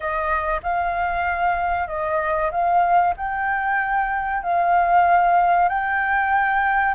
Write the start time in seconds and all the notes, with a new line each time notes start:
0.00 D#5
0.63 F5
1.87 D#5
2.51 F5
3.16 G5
4.42 F5
5.68 G5